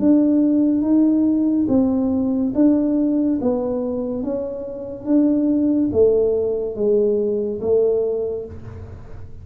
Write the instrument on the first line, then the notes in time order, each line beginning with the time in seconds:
tuba
0.00 D4
0.82 D#4
1.69 C4
2.55 D4
3.42 B3
4.24 C#4
5.06 D4
5.93 A3
6.76 G#3
7.61 A3